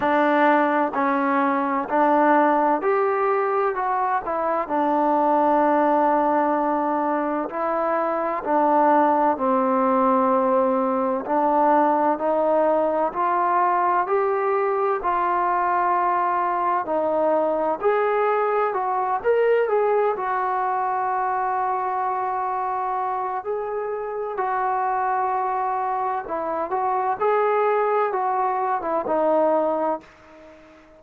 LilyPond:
\new Staff \with { instrumentName = "trombone" } { \time 4/4 \tempo 4 = 64 d'4 cis'4 d'4 g'4 | fis'8 e'8 d'2. | e'4 d'4 c'2 | d'4 dis'4 f'4 g'4 |
f'2 dis'4 gis'4 | fis'8 ais'8 gis'8 fis'2~ fis'8~ | fis'4 gis'4 fis'2 | e'8 fis'8 gis'4 fis'8. e'16 dis'4 | }